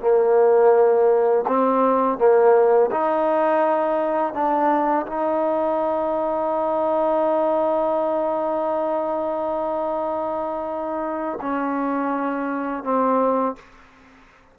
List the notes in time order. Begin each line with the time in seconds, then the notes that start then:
0.00 A#3
1.47 C4
2.18 A#3
2.91 D#4
4.33 D4
5.06 D#4
11.41 C#4
12.83 C4